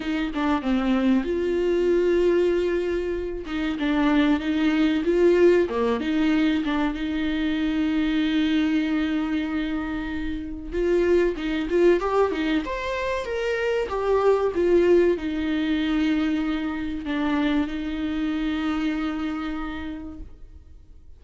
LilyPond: \new Staff \with { instrumentName = "viola" } { \time 4/4 \tempo 4 = 95 dis'8 d'8 c'4 f'2~ | f'4. dis'8 d'4 dis'4 | f'4 ais8 dis'4 d'8 dis'4~ | dis'1~ |
dis'4 f'4 dis'8 f'8 g'8 dis'8 | c''4 ais'4 g'4 f'4 | dis'2. d'4 | dis'1 | }